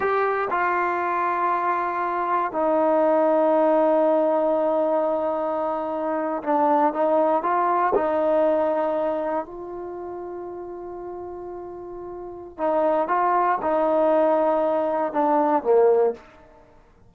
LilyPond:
\new Staff \with { instrumentName = "trombone" } { \time 4/4 \tempo 4 = 119 g'4 f'2.~ | f'4 dis'2.~ | dis'1~ | dis'8. d'4 dis'4 f'4 dis'16~ |
dis'2~ dis'8. f'4~ f'16~ | f'1~ | f'4 dis'4 f'4 dis'4~ | dis'2 d'4 ais4 | }